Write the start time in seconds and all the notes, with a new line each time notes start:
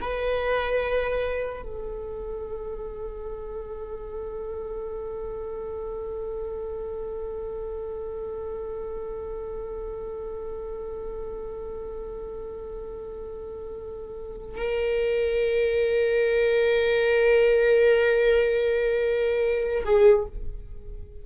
0.00 B4
1.62 A4
14.57 A#4
19.85 G#4